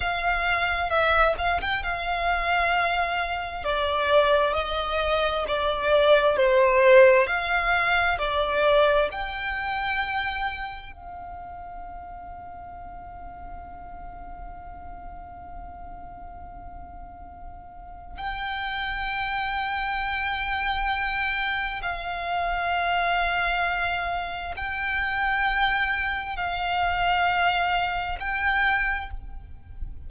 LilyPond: \new Staff \with { instrumentName = "violin" } { \time 4/4 \tempo 4 = 66 f''4 e''8 f''16 g''16 f''2 | d''4 dis''4 d''4 c''4 | f''4 d''4 g''2 | f''1~ |
f''1 | g''1 | f''2. g''4~ | g''4 f''2 g''4 | }